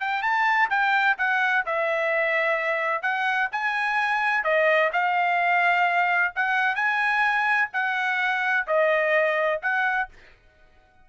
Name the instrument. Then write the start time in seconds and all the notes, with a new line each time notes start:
trumpet
0.00 G5
0.22 A5
0.70 G5
1.18 F#5
1.66 E5
3.02 F#5
3.51 G#5
4.44 D#5
4.93 F5
6.35 F#5
6.75 G#5
7.73 F#5
8.67 D#5
9.62 F#5